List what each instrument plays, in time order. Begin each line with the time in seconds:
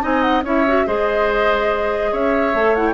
0.00 bassoon C4, clarinet D#4, oboe D#5, flute G#5
0.22 flute F#5
0.43 bassoon C#4, clarinet E4, oboe C#5, flute E5
0.67 clarinet F#4
0.86 bassoon G#3, clarinet G#4, oboe C5, flute D#5
2.12 bassoon C#4, oboe C#5, flute E5
2.54 bassoon A3, clarinet A4
2.76 clarinet E4, flute F#5
2.86 flute G5